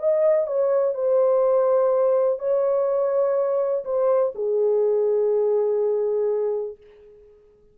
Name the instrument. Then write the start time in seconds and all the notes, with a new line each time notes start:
horn
0.00 D#5
0.47 C#5
0.95 C5
2.40 C#5
3.85 C5
4.35 G#4